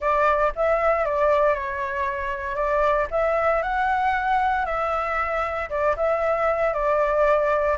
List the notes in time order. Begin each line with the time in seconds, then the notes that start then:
0.00 D5
0.55 E5
1.05 D5
1.54 C#5
2.55 D5
3.11 E5
3.62 F#5
4.65 E5
5.69 D5
5.96 E5
6.73 D5